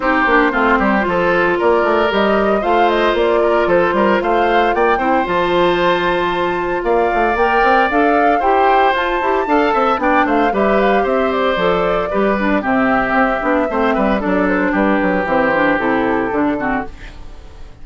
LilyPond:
<<
  \new Staff \with { instrumentName = "flute" } { \time 4/4 \tempo 4 = 114 c''2. d''4 | dis''4 f''8 dis''8 d''4 c''4 | f''4 g''4 a''2~ | a''4 f''4 g''4 f''4 |
g''4 a''2 g''8 f''8 | e''8 f''8 e''8 d''2~ d''8 | e''2. d''8 c''8 | b'4 c''4 a'2 | }
  \new Staff \with { instrumentName = "oboe" } { \time 4/4 g'4 f'8 g'8 a'4 ais'4~ | ais'4 c''4. ais'8 a'8 ais'8 | c''4 d''8 c''2~ c''8~ | c''4 d''2. |
c''2 f''8 e''8 d''8 c''8 | b'4 c''2 b'4 | g'2 c''8 b'8 a'4 | g'2.~ g'8 fis'8 | }
  \new Staff \with { instrumentName = "clarinet" } { \time 4/4 dis'8 d'8 c'4 f'2 | g'4 f'2.~ | f'4. e'8 f'2~ | f'2 ais'4 a'4 |
g'4 f'8 g'8 a'4 d'4 | g'2 a'4 g'8 d'8 | c'4. d'8 c'4 d'4~ | d'4 c'8 d'8 e'4 d'8 c'8 | }
  \new Staff \with { instrumentName = "bassoon" } { \time 4/4 c'8 ais8 a8 g8 f4 ais8 a8 | g4 a4 ais4 f8 g8 | a4 ais8 c'8 f2~ | f4 ais8 a8 ais8 c'8 d'4 |
e'4 f'8 e'8 d'8 c'8 b8 a8 | g4 c'4 f4 g4 | c4 c'8 b8 a8 g8 fis4 | g8 fis8 e4 c4 d4 | }
>>